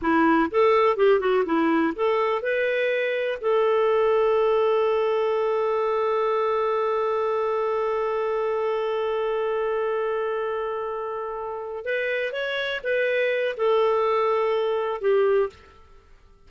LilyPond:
\new Staff \with { instrumentName = "clarinet" } { \time 4/4 \tempo 4 = 124 e'4 a'4 g'8 fis'8 e'4 | a'4 b'2 a'4~ | a'1~ | a'1~ |
a'1~ | a'1~ | a'8 b'4 cis''4 b'4. | a'2. g'4 | }